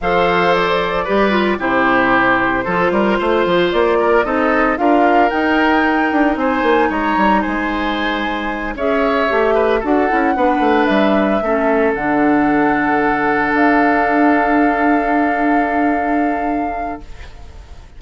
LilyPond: <<
  \new Staff \with { instrumentName = "flute" } { \time 4/4 \tempo 4 = 113 f''4 d''2 c''4~ | c''2. d''4 | dis''4 f''4 g''2 | gis''4 ais''4 gis''2~ |
gis''8 e''2 fis''4.~ | fis''8 e''2 fis''4.~ | fis''4. f''2~ f''8~ | f''1 | }
  \new Staff \with { instrumentName = "oboe" } { \time 4/4 c''2 b'4 g'4~ | g'4 a'8 ais'8 c''4. ais'8 | a'4 ais'2. | c''4 cis''4 c''2~ |
c''8 cis''4. b'8 a'4 b'8~ | b'4. a'2~ a'8~ | a'1~ | a'1 | }
  \new Staff \with { instrumentName = "clarinet" } { \time 4/4 a'2 g'8 f'8 e'4~ | e'4 f'2. | dis'4 f'4 dis'2~ | dis'1~ |
dis'8 gis'4 g'4 fis'8 e'8 d'8~ | d'4. cis'4 d'4.~ | d'1~ | d'1 | }
  \new Staff \with { instrumentName = "bassoon" } { \time 4/4 f2 g4 c4~ | c4 f8 g8 a8 f8 ais4 | c'4 d'4 dis'4. d'8 | c'8 ais8 gis8 g8 gis2~ |
gis8 cis'4 a4 d'8 cis'8 b8 | a8 g4 a4 d4.~ | d4. d'2~ d'8~ | d'1 | }
>>